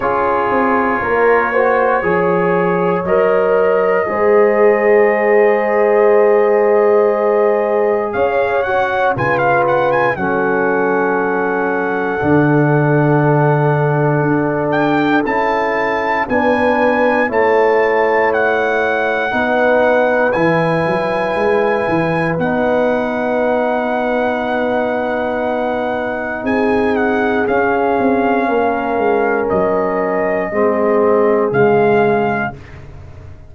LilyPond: <<
  \new Staff \with { instrumentName = "trumpet" } { \time 4/4 \tempo 4 = 59 cis''2. dis''4~ | dis''1 | f''8 fis''8 gis''16 f''16 fis''16 gis''16 fis''2~ | fis''2~ fis''8 g''8 a''4 |
gis''4 a''4 fis''2 | gis''2 fis''2~ | fis''2 gis''8 fis''8 f''4~ | f''4 dis''2 f''4 | }
  \new Staff \with { instrumentName = "horn" } { \time 4/4 gis'4 ais'8 c''8 cis''2 | c''1 | cis''4 b'4 a'2~ | a'1 |
b'4 cis''2 b'4~ | b'1~ | b'2 gis'2 | ais'2 gis'2 | }
  \new Staff \with { instrumentName = "trombone" } { \time 4/4 f'4. fis'8 gis'4 ais'4 | gis'1~ | gis'8 fis'8 f'4 cis'2 | d'2. e'4 |
d'4 e'2 dis'4 | e'2 dis'2~ | dis'2. cis'4~ | cis'2 c'4 gis4 | }
  \new Staff \with { instrumentName = "tuba" } { \time 4/4 cis'8 c'8 ais4 f4 fis4 | gis1 | cis'4 cis4 fis2 | d2 d'4 cis'4 |
b4 a2 b4 | e8 fis8 gis8 e8 b2~ | b2 c'4 cis'8 c'8 | ais8 gis8 fis4 gis4 cis4 | }
>>